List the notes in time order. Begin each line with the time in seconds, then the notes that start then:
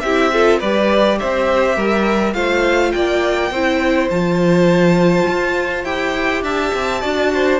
0.00 C4 E4 G4 E5
0.33 F4 A4
0.59 G3 G4 B4 D5
1.19 C4 C5 E5
1.75 G3 A#4
2.33 A3 F4 C5 F5
2.92 A#3 D5 G5
3.51 C4 E4 C5
4.10 F3 F4 A5
5.28 F4
5.84 E4 G4 G5
6.42 D4 E5 A5
6.74 C4
7.01 D4 F#4 D5
7.34 C5